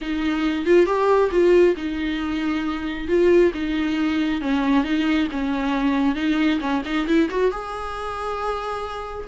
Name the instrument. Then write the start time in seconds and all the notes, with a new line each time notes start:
viola
0.01 D#4
0.65 F4
0.85 G4
1.31 F4
1.76 D#4
3.07 F4
3.54 D#4
4.41 C#4
4.83 D#4
5.31 C#4
6.15 D#4
6.60 C#4
6.85 D#4
7.07 E4
7.30 F#4
7.51 G#4